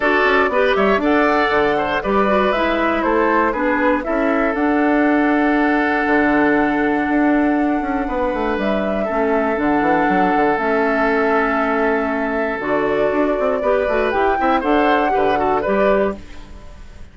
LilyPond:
<<
  \new Staff \with { instrumentName = "flute" } { \time 4/4 \tempo 4 = 119 d''4. e''8 fis''2 | d''4 e''4 c''4 b'4 | e''4 fis''2.~ | fis''1~ |
fis''4 e''2 fis''4~ | fis''4 e''2.~ | e''4 d''2. | g''4 fis''2 d''4 | }
  \new Staff \with { instrumentName = "oboe" } { \time 4/4 a'4 b'8 cis''8 d''4. c''8 | b'2 a'4 gis'4 | a'1~ | a'1 |
b'2 a'2~ | a'1~ | a'2. b'4~ | b'8 e''8 c''4 b'8 a'8 b'4 | }
  \new Staff \with { instrumentName = "clarinet" } { \time 4/4 fis'4 g'4 a'2 | g'8 fis'8 e'2 d'4 | e'4 d'2.~ | d'1~ |
d'2 cis'4 d'4~ | d'4 cis'2.~ | cis'4 fis'2 g'8 fis'8 | g'8 e'8 a'4 g'8 fis'8 g'4 | }
  \new Staff \with { instrumentName = "bassoon" } { \time 4/4 d'8 cis'8 b8 g8 d'4 d4 | g4 gis4 a4 b4 | cis'4 d'2. | d2 d'4. cis'8 |
b8 a8 g4 a4 d8 e8 | fis8 d8 a2.~ | a4 d4 d'8 c'8 b8 a8 | e'8 c'8 d'4 d4 g4 | }
>>